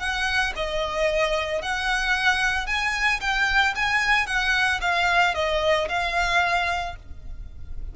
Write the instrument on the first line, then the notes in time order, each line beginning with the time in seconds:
violin
0.00 F#5
0.56 D#5
1.62 F#5
2.67 G#5
3.21 G5
3.76 G#5
4.27 F#5
4.82 F5
5.35 D#5
5.89 F5